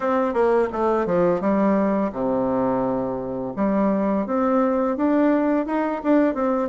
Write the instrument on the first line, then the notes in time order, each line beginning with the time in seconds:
bassoon
0.00 C4
0.33 A#3
0.72 A3
1.06 F3
1.40 G3
2.12 C3
3.56 G3
4.26 C4
4.96 D4
5.66 D#4
6.03 D4
6.34 C4